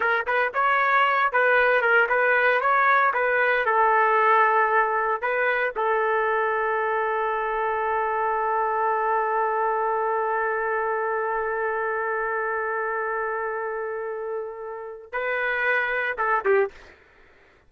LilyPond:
\new Staff \with { instrumentName = "trumpet" } { \time 4/4 \tempo 4 = 115 ais'8 b'8 cis''4. b'4 ais'8 | b'4 cis''4 b'4 a'4~ | a'2 b'4 a'4~ | a'1~ |
a'1~ | a'1~ | a'1~ | a'4 b'2 a'8 g'8 | }